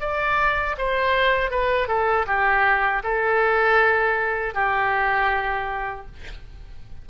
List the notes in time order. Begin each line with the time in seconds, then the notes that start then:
0.00 D5
0.78 C5
1.51 B4
1.87 A4
2.26 G4
3.03 A4
4.54 G4